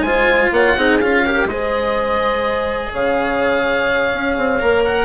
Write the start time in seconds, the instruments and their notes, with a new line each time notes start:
0.00 bassoon G#3, cello F4, horn C5, oboe G#5
0.51 bassoon A#3, horn C#5, oboe F#5
0.76 bassoon C4, cello D#4, horn G#4
0.99 bassoon C#4, cello F4, oboe F5
1.25 cello G4, horn A#4
1.44 bassoon G#3, oboe D#5
1.50 cello G#4, horn C5
2.91 bassoon C#3, horn C#5, oboe F5
4.13 bassoon C#4
4.37 bassoon C4
4.59 bassoon A#3, cello A#4
4.84 oboe F#5